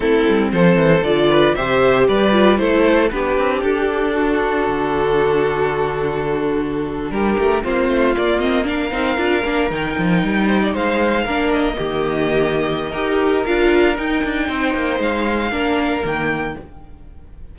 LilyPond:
<<
  \new Staff \with { instrumentName = "violin" } { \time 4/4 \tempo 4 = 116 a'4 c''4 d''4 e''4 | d''4 c''4 b'4 a'4~ | a'1~ | a'4.~ a'16 ais'4 c''4 d''16~ |
d''16 dis''8 f''2 g''4~ g''16~ | g''8. f''4. dis''4.~ dis''16~ | dis''2 f''4 g''4~ | g''4 f''2 g''4 | }
  \new Staff \with { instrumentName = "violin" } { \time 4/4 e'4 a'4. b'8 c''4 | b'4 a'4 g'2 | fis'1~ | fis'4.~ fis'16 g'4 f'4~ f'16~ |
f'8. ais'2.~ ais'16~ | ais'16 c''16 d''16 c''4 ais'4 g'4~ g'16~ | g'4 ais'2. | c''2 ais'2 | }
  \new Staff \with { instrumentName = "viola" } { \time 4/4 c'2 f'4 g'4~ | g'8 f'8 e'4 d'2~ | d'1~ | d'2~ d'8. c'4 ais16~ |
ais16 c'8 d'8 dis'8 f'8 d'8 dis'4~ dis'16~ | dis'4.~ dis'16 d'4 ais4~ ais16~ | ais4 g'4 f'4 dis'4~ | dis'2 d'4 ais4 | }
  \new Staff \with { instrumentName = "cello" } { \time 4/4 a8 g8 f8 e8 d4 c4 | g4 a4 b8 c'8 d'4~ | d'4 d2.~ | d4.~ d16 g8 a8 ais8 a8 ais16~ |
ais4~ ais16 c'8 d'8 ais8 dis8 f8 g16~ | g8. gis4 ais4 dis4~ dis16~ | dis4 dis'4 d'4 dis'8 d'8 | c'8 ais8 gis4 ais4 dis4 | }
>>